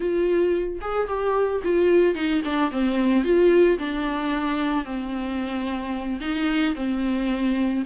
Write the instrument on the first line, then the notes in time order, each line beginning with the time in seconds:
viola
0.00 F4
0.81 G#4
1.07 G4
1.63 F4
2.14 D#4
2.44 D4
2.71 C4
3.24 F4
3.78 D4
4.84 C4
6.20 D#4
6.75 C4